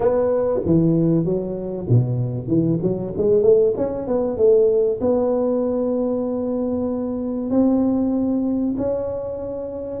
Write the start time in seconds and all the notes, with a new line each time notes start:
0.00 B3
0.65 E3
1.24 F#3
1.89 B2
2.47 E3
2.82 F#3
3.17 G#3
3.42 A3
3.77 C#4
4.07 B3
4.37 A3
5.01 B3
7.50 C4
8.77 C#4